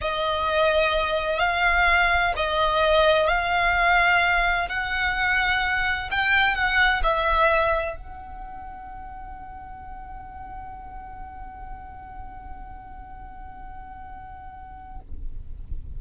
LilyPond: \new Staff \with { instrumentName = "violin" } { \time 4/4 \tempo 4 = 128 dis''2. f''4~ | f''4 dis''2 f''4~ | f''2 fis''2~ | fis''4 g''4 fis''4 e''4~ |
e''4 fis''2.~ | fis''1~ | fis''1~ | fis''1 | }